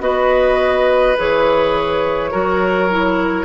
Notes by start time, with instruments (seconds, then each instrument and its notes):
0.00 bassoon B3, clarinet F#4, oboe B4, flute D#5
1.18 bassoon E3, clarinet G#4, flute C#5
2.31 bassoon F#3, clarinet F#4, oboe A#4
2.90 clarinet E4